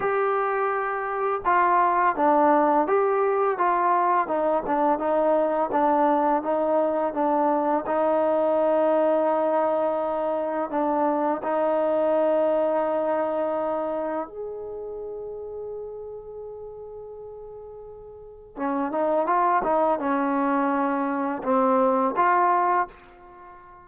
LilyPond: \new Staff \with { instrumentName = "trombone" } { \time 4/4 \tempo 4 = 84 g'2 f'4 d'4 | g'4 f'4 dis'8 d'8 dis'4 | d'4 dis'4 d'4 dis'4~ | dis'2. d'4 |
dis'1 | gis'1~ | gis'2 cis'8 dis'8 f'8 dis'8 | cis'2 c'4 f'4 | }